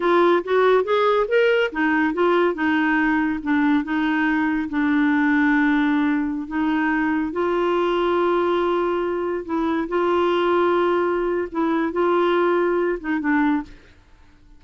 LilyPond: \new Staff \with { instrumentName = "clarinet" } { \time 4/4 \tempo 4 = 141 f'4 fis'4 gis'4 ais'4 | dis'4 f'4 dis'2 | d'4 dis'2 d'4~ | d'2.~ d'16 dis'8.~ |
dis'4~ dis'16 f'2~ f'8.~ | f'2~ f'16 e'4 f'8.~ | f'2. e'4 | f'2~ f'8 dis'8 d'4 | }